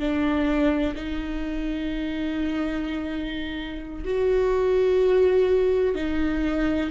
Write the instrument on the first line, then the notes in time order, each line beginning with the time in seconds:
viola
0.00 D4
0.96 D#4
4.05 F#4
5.95 D#4